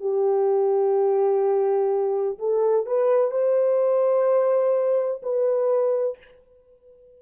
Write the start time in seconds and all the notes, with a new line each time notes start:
0.00 G4
2.39 A4
2.86 B4
3.31 C5
5.23 B4